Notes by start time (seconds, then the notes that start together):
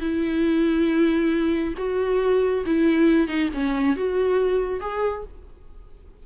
0.00 E4
1.77 F#4
2.66 E4
3.27 D#4
3.54 C#4
3.96 F#4
4.80 G#4